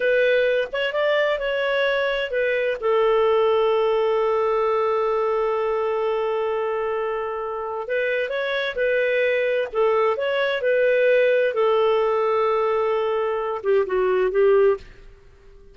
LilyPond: \new Staff \with { instrumentName = "clarinet" } { \time 4/4 \tempo 4 = 130 b'4. cis''8 d''4 cis''4~ | cis''4 b'4 a'2~ | a'1~ | a'1~ |
a'4 b'4 cis''4 b'4~ | b'4 a'4 cis''4 b'4~ | b'4 a'2.~ | a'4. g'8 fis'4 g'4 | }